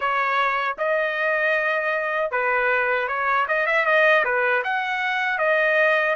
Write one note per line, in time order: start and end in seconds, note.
0.00 0.77 C#5
0.77 2.31 D#5
2.31 3.08 B4
3.08 3.46 C#5
3.48 3.66 D#5
3.66 3.85 E5
3.85 4.24 D#5
4.24 4.63 B4
4.64 5.38 F#5
5.38 6.15 D#5